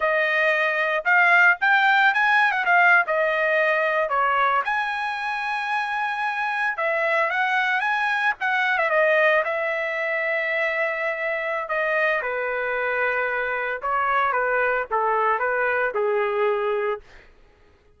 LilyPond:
\new Staff \with { instrumentName = "trumpet" } { \time 4/4 \tempo 4 = 113 dis''2 f''4 g''4 | gis''8. fis''16 f''8. dis''2 cis''16~ | cis''8. gis''2.~ gis''16~ | gis''8. e''4 fis''4 gis''4 fis''16~ |
fis''8 e''16 dis''4 e''2~ e''16~ | e''2 dis''4 b'4~ | b'2 cis''4 b'4 | a'4 b'4 gis'2 | }